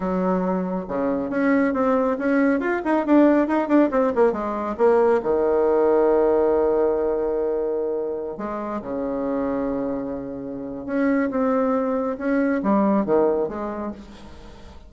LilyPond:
\new Staff \with { instrumentName = "bassoon" } { \time 4/4 \tempo 4 = 138 fis2 cis4 cis'4 | c'4 cis'4 f'8 dis'8 d'4 | dis'8 d'8 c'8 ais8 gis4 ais4 | dis1~ |
dis2.~ dis16 gis8.~ | gis16 cis2.~ cis8.~ | cis4 cis'4 c'2 | cis'4 g4 dis4 gis4 | }